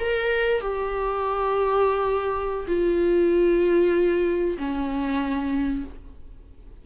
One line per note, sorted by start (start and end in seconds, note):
0.00 0.61 A#4
0.61 2.66 G4
2.68 4.58 F4
4.58 5.85 C#4